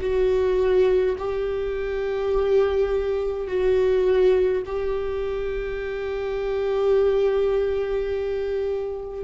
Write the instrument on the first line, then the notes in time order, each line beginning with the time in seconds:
viola
0.00 F#4
1.18 G4
3.47 F#4
4.66 G4